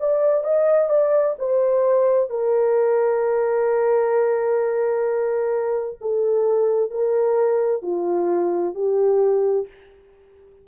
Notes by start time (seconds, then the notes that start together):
0.00 D5
0.44 D#5
0.90 D5
1.39 C5
2.30 A#4
6.01 A4
6.91 A#4
7.83 F4
8.75 G4